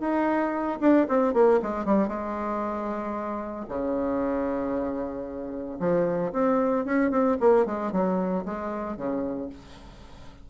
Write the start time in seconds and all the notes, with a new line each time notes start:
0.00 D#4
0.80 D4
1.08 C4
1.34 A#3
1.62 G#3
1.85 G3
2.08 G#3
3.68 C#3
5.79 F3
6.33 C4
6.85 C#4
7.11 C4
7.40 A#3
7.66 G#3
7.92 F#3
8.45 G#3
8.97 C#3